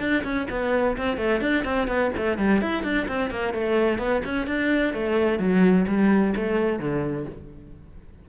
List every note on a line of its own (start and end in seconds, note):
0.00 0.23 D4
0.24 0.47 C#4
0.50 0.97 B3
0.97 1.18 C4
1.18 1.41 A3
1.41 1.65 D4
1.65 1.88 C4
1.88 2.11 B3
2.17 2.38 A3
2.38 2.61 G3
2.62 2.84 E4
2.84 3.07 D4
3.08 3.30 C4
3.30 3.54 A#3
3.54 3.98 A3
3.98 4.22 B3
4.25 4.47 C#4
4.47 4.94 D4
4.94 5.39 A3
5.39 5.86 F#3
5.88 6.35 G3
6.36 6.79 A3
6.79 7.26 D3